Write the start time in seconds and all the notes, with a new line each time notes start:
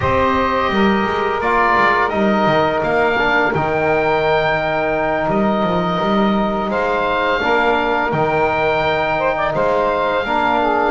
0.00 C4 G4 C5 D#5
0.69 G3 A#4
1.05 G#3
1.40 A#3 F4 D5
1.77 G#3
2.09 G3 D#4 D#5
2.46 D#3
2.82 A#3 F5
3.17 D4
3.54 D#3 D#4 G5
5.27 G3 D#5
5.62 F3
6.01 G3
6.69 G#3 C5 F5
7.40 A#3 D4 A#4
8.11 D#3 D#4 G5
9.18 C5
9.36 D5
9.54 G#3 C5 F5
10.24 A#3 D4 A#4
10.59 G#4